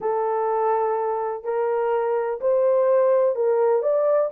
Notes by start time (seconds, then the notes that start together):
0.00 A4
1.44 A#4
2.40 C5
3.35 A#4
3.82 D5